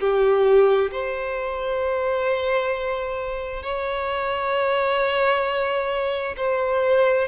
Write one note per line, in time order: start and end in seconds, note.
0.00 0.91 G4
0.91 3.63 C5
3.63 6.36 C#5
6.37 7.28 C5